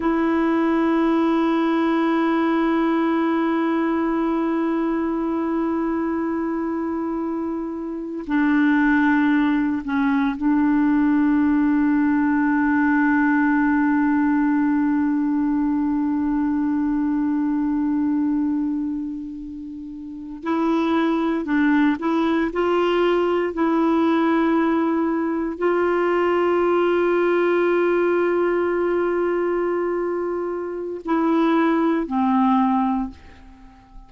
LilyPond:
\new Staff \with { instrumentName = "clarinet" } { \time 4/4 \tempo 4 = 58 e'1~ | e'1 | d'4. cis'8 d'2~ | d'1~ |
d'2.~ d'8. e'16~ | e'8. d'8 e'8 f'4 e'4~ e'16~ | e'8. f'2.~ f'16~ | f'2 e'4 c'4 | }